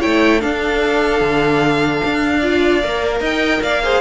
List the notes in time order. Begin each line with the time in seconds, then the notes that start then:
0.00 A3 E4 C#5 G5
0.40 D4 A4 F5
1.21 D3
2.05 D4
2.39 F4 D5
2.83 A#3 A#4
3.20 D#4 D#5 G5
3.62 A#3 D5 F5
3.84 G#4 C5